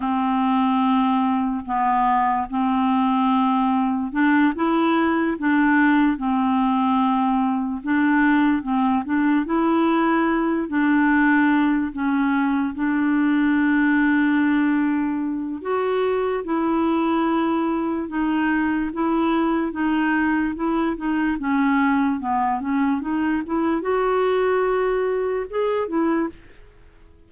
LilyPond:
\new Staff \with { instrumentName = "clarinet" } { \time 4/4 \tempo 4 = 73 c'2 b4 c'4~ | c'4 d'8 e'4 d'4 c'8~ | c'4. d'4 c'8 d'8 e'8~ | e'4 d'4. cis'4 d'8~ |
d'2. fis'4 | e'2 dis'4 e'4 | dis'4 e'8 dis'8 cis'4 b8 cis'8 | dis'8 e'8 fis'2 gis'8 e'8 | }